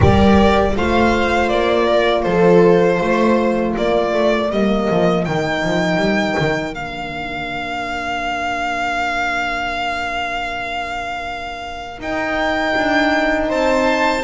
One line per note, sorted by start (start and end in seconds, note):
0.00 0.76 G3
0.00 0.74 G4
0.00 0.72 A#4
0.00 0.76 D5
0.76 1.50 A3
0.76 4.51 F4
0.76 1.86 C5
0.76 1.49 F5
1.49 2.25 A#3
1.49 2.23 D5
1.86 2.24 A#4
2.23 3.00 F3
2.23 2.99 A4
2.23 3.73 C5
2.99 3.75 A3
2.99 3.74 C5
3.74 4.13 A#3
3.74 13.48 A#4
3.74 4.51 D5
4.13 4.50 A3
4.50 4.88 G3
4.50 5.26 A#3
4.50 5.25 D#5
4.90 5.26 F3
5.25 5.63 D#3
5.25 6.75 D#4
5.25 6.74 G5
5.63 5.97 F3
5.97 6.34 G3
6.38 6.75 D#3
6.74 11.99 A#3
6.74 11.98 D4
6.74 11.99 F5
11.98 14.23 D#4
11.98 12.74 D#4
11.98 13.50 G5
12.75 13.50 D4
13.48 14.23 C4
13.48 14.23 C5
13.48 14.23 A5